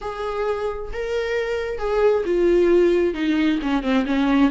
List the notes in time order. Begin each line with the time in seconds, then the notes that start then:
0.01 G#4
0.92 A#4
1.78 G#4
2.25 F4
3.14 D#4
3.62 C#4
3.82 C4
4.06 C#4